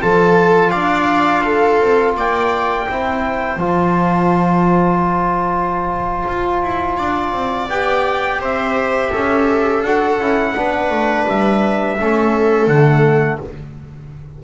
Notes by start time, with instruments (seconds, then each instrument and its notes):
0.00 double bass F3, trombone F4, viola A4, trumpet A5
0.70 double bass D4, viola D5, trumpet F5
1.44 viola A4
1.80 double bass C4
2.15 double bass A#3, viola D5, trumpet G5
2.87 double bass C4, trombone E4, viola C5
3.56 double bass F3, trombone F4, trumpet A5
6.27 double bass F4
6.62 double bass E4
6.96 double bass D4, viola D5
7.32 double bass C4
7.68 double bass B3, trombone G4, trumpet G5
8.39 double bass C4, viola C5, trumpet E5
9.10 double bass C#4, viola A4
9.83 double bass D4, trombone F#4, trumpet F#5
10.19 double bass C#4, trombone E4
10.55 double bass B3, trombone D4, viola B4
10.90 double bass A3
11.28 double bass G3, trumpet E5
11.99 double bass A3, trombone C#4, viola A4
12.67 double bass D3, trombone A3, trumpet F#5